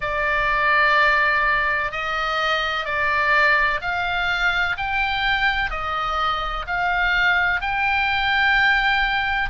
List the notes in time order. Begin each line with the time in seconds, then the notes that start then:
0.00 D5
1.91 D#5
2.85 D5
3.81 F5
4.77 G5
5.70 D#5
6.66 F5
7.61 G5